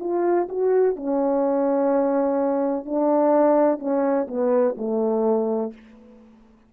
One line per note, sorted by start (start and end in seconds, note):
0.00 0.48 F4
0.48 0.96 F#4
0.96 2.85 C#4
2.85 3.79 D4
3.79 4.27 C#4
4.28 4.75 B3
4.77 5.72 A3